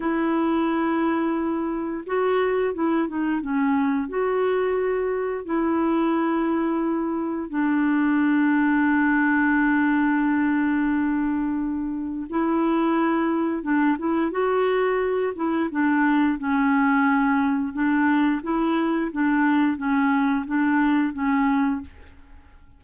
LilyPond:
\new Staff \with { instrumentName = "clarinet" } { \time 4/4 \tempo 4 = 88 e'2. fis'4 | e'8 dis'8 cis'4 fis'2 | e'2. d'4~ | d'1~ |
d'2 e'2 | d'8 e'8 fis'4. e'8 d'4 | cis'2 d'4 e'4 | d'4 cis'4 d'4 cis'4 | }